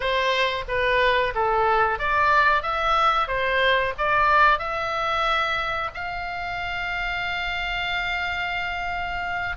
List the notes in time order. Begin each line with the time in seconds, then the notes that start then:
0.00 C5
0.67 B4
1.34 A4
1.98 D5
2.62 E5
3.27 C5
3.98 D5
4.58 E5
5.93 F5